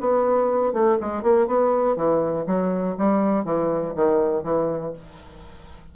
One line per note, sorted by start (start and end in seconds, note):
0.00 0.73 B3
0.73 0.97 A3
1.00 1.22 G#3
1.22 1.47 A#3
1.47 1.96 B3
1.96 2.45 E3
2.46 2.96 F#3
2.97 3.44 G3
3.44 3.94 E3
3.95 4.43 D#3
4.43 4.93 E3